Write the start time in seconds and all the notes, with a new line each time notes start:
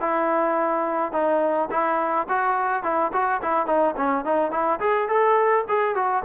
0.00 E4
1.12 D#4
1.70 E4
2.28 F#4
2.83 E4
3.13 F#4
3.41 E4
3.66 D#4
3.96 C#4
4.24 D#4
4.51 E4
4.80 G#4
5.08 A4
5.68 G#4
5.95 F#4